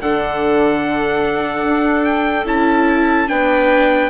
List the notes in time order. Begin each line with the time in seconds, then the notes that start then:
0.00 D3 D4 A4 F#5
1.63 D4
2.04 G5
2.45 C#4 E4 A5
3.27 B3 D4 B4 G5